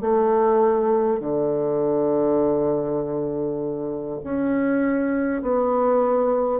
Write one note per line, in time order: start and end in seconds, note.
0.00 1.19 A3
1.19 4.19 D3
4.24 5.41 C#4
5.41 6.60 B3